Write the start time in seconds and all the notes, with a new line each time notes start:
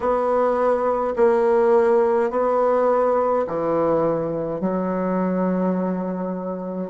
0.00 B3
1.15 A#3
2.30 B3
3.47 E3
4.60 F#3